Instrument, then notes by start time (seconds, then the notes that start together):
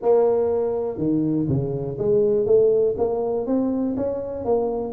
tuba
0.01 A#3
0.97 D#3
1.48 C#3
1.98 G#3
2.45 A3
2.97 A#3
3.46 C4
3.96 C#4
4.44 A#3